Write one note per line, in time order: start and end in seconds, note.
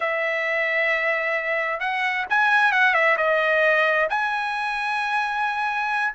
0.00 1.80 E5
1.80 2.25 F#5
2.29 2.71 G#5
2.71 2.93 F#5
2.93 3.16 E5
3.17 4.08 D#5
4.09 6.14 G#5